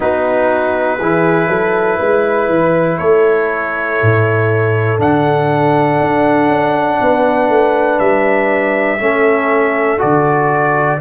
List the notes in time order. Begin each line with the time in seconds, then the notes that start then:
0.00 B3 D#4 F#4 B4
0.97 E3 E4 G#4
1.48 F#3 A4
1.98 G#3 B4
2.49 E3
2.98 A3 A4 C#5
4.02 A2
4.98 D3 D4 F#5
6.00 D4
6.48 C#4
7.00 B3 B4
7.48 A3
7.99 G3 E5
8.99 A3 C#4 A4
9.97 D3 F#4 D5